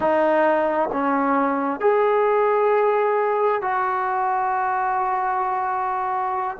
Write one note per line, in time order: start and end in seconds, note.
0.00 0.89 D#4
0.92 1.80 C#4
1.80 3.61 G#4
3.61 6.57 F#4